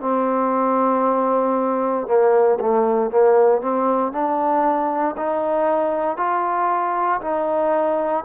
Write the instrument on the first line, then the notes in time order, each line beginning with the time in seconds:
trombone
0.00 C4
2.07 A#3
2.60 A3
3.11 A#3
3.61 C4
4.12 D4
5.17 D#4
6.17 F4
7.21 D#4